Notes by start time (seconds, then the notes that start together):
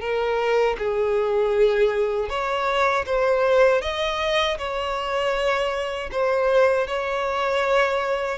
0.00 A#4
0.78 G#4
2.29 C#5
3.06 C5
3.81 D#5
4.58 C#5
6.11 C5
6.87 C#5